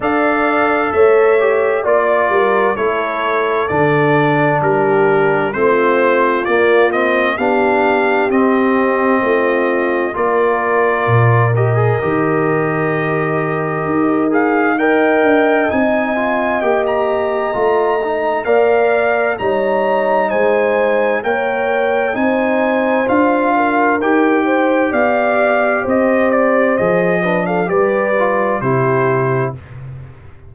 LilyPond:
<<
  \new Staff \with { instrumentName = "trumpet" } { \time 4/4 \tempo 4 = 65 f''4 e''4 d''4 cis''4 | d''4 ais'4 c''4 d''8 dis''8 | f''4 dis''2 d''4~ | d''8 dis''2. f''8 |
g''4 gis''4 g''16 ais''4.~ ais''16 | f''4 ais''4 gis''4 g''4 | gis''4 f''4 g''4 f''4 | dis''8 d''8 dis''8. f''16 d''4 c''4 | }
  \new Staff \with { instrumentName = "horn" } { \time 4/4 d''4 cis''4 d''8 ais'8 a'4~ | a'4 g'4 f'2 | g'2 f'4 ais'4~ | ais'1 |
dis''1 | d''4 cis''4 c''4 cis''4 | c''4. ais'4 c''8 d''4 | c''4. b'16 a'16 b'4 g'4 | }
  \new Staff \with { instrumentName = "trombone" } { \time 4/4 a'4. g'8 f'4 e'4 | d'2 c'4 ais8 c'8 | d'4 c'2 f'4~ | f'8 g'16 gis'16 g'2~ g'8 gis'8 |
ais'4 dis'8 f'8 g'4 f'8 dis'8 | ais'4 dis'2 ais'4 | dis'4 f'4 g'2~ | g'4 gis'8 d'8 g'8 f'8 e'4 | }
  \new Staff \with { instrumentName = "tuba" } { \time 4/4 d'4 a4 ais8 g8 a4 | d4 g4 a4 ais4 | b4 c'4 a4 ais4 | ais,4 dis2 dis'4~ |
dis'8 d'8 c'4 ais4 a4 | ais4 g4 gis4 ais4 | c'4 d'4 dis'4 b4 | c'4 f4 g4 c4 | }
>>